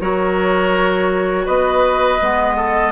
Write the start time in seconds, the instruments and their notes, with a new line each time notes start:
0.00 bassoon F#3, clarinet F#4, oboe A#4, flute C#5
1.45 bassoon B3, oboe B4, flute D#5
2.21 bassoon G#3, clarinet B3
2.56 oboe A4